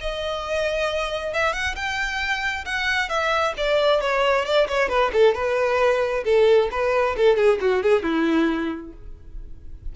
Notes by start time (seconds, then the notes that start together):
0.00 D#5
1.33 E5
1.52 F#5
1.75 G5
2.65 F#5
3.09 E5
3.57 D5
4.00 C#5
4.45 D5
4.68 C#5
4.88 B4
5.12 A4
5.34 B4
6.24 A4
6.71 B4
7.16 A4
7.36 G#4
7.61 F#4
7.83 G#4
8.03 E4